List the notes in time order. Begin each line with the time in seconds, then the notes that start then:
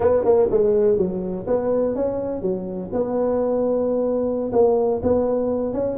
0.00 B3
0.24 A#3
0.51 G#3
0.97 F#3
1.46 B3
1.95 C#4
2.41 F#3
2.93 B3
4.52 A#3
5.02 B3
5.73 C#4